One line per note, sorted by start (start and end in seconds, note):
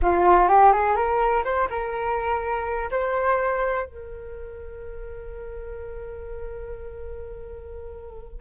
0.01 0.48 F4
0.48 0.72 G4
0.72 0.95 G#4
0.95 1.43 A#4
1.44 1.68 C5
1.70 2.90 A#4
2.90 3.86 C5
3.86 8.41 A#4